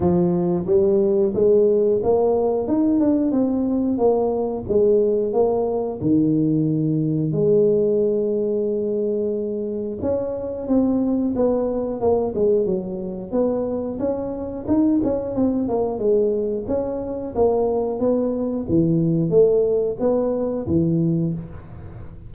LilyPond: \new Staff \with { instrumentName = "tuba" } { \time 4/4 \tempo 4 = 90 f4 g4 gis4 ais4 | dis'8 d'8 c'4 ais4 gis4 | ais4 dis2 gis4~ | gis2. cis'4 |
c'4 b4 ais8 gis8 fis4 | b4 cis'4 dis'8 cis'8 c'8 ais8 | gis4 cis'4 ais4 b4 | e4 a4 b4 e4 | }